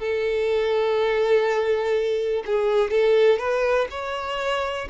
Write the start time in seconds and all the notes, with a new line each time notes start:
0.00 A4
2.46 G#4
2.91 A4
3.39 B4
3.91 C#5